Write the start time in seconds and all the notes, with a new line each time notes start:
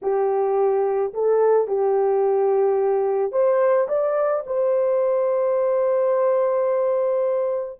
0.02 G4
1.13 A4
1.67 G4
3.32 C5
3.88 D5
4.46 C5